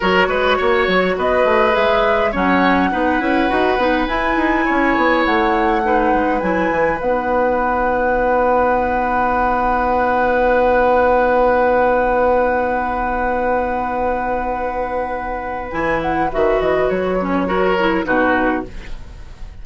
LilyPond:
<<
  \new Staff \with { instrumentName = "flute" } { \time 4/4 \tempo 4 = 103 cis''2 dis''4 e''4 | fis''2. gis''4~ | gis''4 fis''2 gis''4 | fis''1~ |
fis''1~ | fis''1~ | fis''2. gis''8 fis''8 | e''8 dis''8 cis''2 b'4 | }
  \new Staff \with { instrumentName = "oboe" } { \time 4/4 ais'8 b'8 cis''4 b'2 | cis''4 b'2. | cis''2 b'2~ | b'1~ |
b'1~ | b'1~ | b'1~ | b'2 ais'4 fis'4 | }
  \new Staff \with { instrumentName = "clarinet" } { \time 4/4 fis'2. gis'4 | cis'4 dis'8 e'8 fis'8 dis'8 e'4~ | e'2 dis'4 e'4 | dis'1~ |
dis'1~ | dis'1~ | dis'2. e'4 | fis'4. cis'8 fis'8 e'8 dis'4 | }
  \new Staff \with { instrumentName = "bassoon" } { \time 4/4 fis8 gis8 ais8 fis8 b8 a8 gis4 | fis4 b8 cis'8 dis'8 b8 e'8 dis'8 | cis'8 b8 a4. gis8 fis8 e8 | b1~ |
b1~ | b1~ | b2. e4 | dis8 e8 fis2 b,4 | }
>>